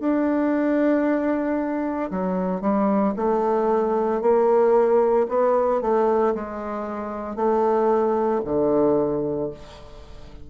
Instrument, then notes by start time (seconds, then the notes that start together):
bassoon
0.00 D4
2.11 F#3
2.61 G3
3.16 A3
4.22 A#3
5.29 B3
5.81 A3
6.34 G#3
7.36 A3
8.45 D3